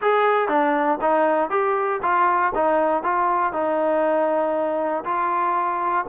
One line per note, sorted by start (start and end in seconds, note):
0.01 0.48 G#4
0.48 0.98 D4
1.01 1.50 D#4
1.50 2.00 G4
2.02 2.53 F4
2.54 3.03 D#4
3.03 3.52 F4
3.52 5.04 D#4
5.04 6.05 F4